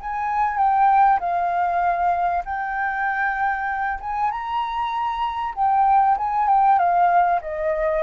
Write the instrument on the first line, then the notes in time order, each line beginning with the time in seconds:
flute
0.00 G#5
0.57 G5
1.20 F5
2.45 G5
4.00 G#5
4.31 A#5
5.55 G5
6.17 G#5
6.48 G5
6.78 F5
7.41 D#5